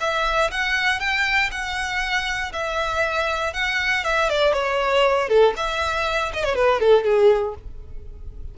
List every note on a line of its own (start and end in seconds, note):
0.00 0.50 E5
0.51 1.00 F#5
1.00 1.50 G5
1.51 2.52 F#5
2.53 3.53 E5
3.53 4.04 F#5
4.04 4.29 E5
4.29 4.53 D5
4.53 5.28 C#5
5.28 5.54 A4
5.56 6.32 E5
6.33 6.44 D#5
6.44 6.55 C#5
6.55 6.80 B4
6.80 7.04 A4
7.04 7.54 G#4